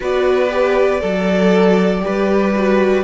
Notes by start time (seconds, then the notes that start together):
0.00 B3 F#4 B4 D5
0.49 G4
1.00 F#3 A4
2.00 G4 B4
2.07 G3
2.56 F#4